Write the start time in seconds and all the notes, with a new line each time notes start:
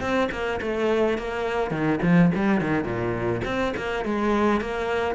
0.00 C4
0.31 A#3
0.61 A3
1.18 A#3
1.70 D#3
2.02 F3
2.35 G3
2.60 D#3
2.84 A#2
3.44 C4
3.77 A#3
4.05 G#3
4.61 A#3